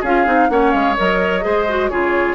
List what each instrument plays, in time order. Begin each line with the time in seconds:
0.00 bassoon C#4, clarinet F4, oboe G#4, flute F5
0.26 bassoon C4, clarinet D#4
0.49 bassoon A#3, clarinet C#4, oboe C#5, flute F#5
0.71 bassoon G#3, flute F5
0.96 bassoon F#3, clarinet A#4, flute D#5
1.41 bassoon G#3, clarinet G#4, oboe C5
1.68 clarinet F#4
1.88 bassoon C#3, clarinet F4, oboe G#4, flute C#5